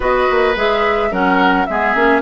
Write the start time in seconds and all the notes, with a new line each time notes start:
0.00 B3 F#4 B4 D#5
0.30 A#3
0.55 G#3 G#4 E5
1.11 F#3 C#4 A#4 F#5
1.65 G#3 B3 G#4 E5
1.94 A#3 C#4